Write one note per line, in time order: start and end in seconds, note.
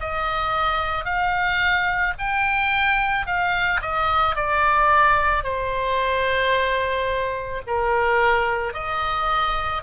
0.00 1.05 D#5
1.05 2.14 F5
2.19 3.26 G5
3.26 3.81 F5
3.82 4.36 D#5
4.36 5.43 D5
5.43 7.62 C5
7.67 8.74 A#4
8.74 9.83 D#5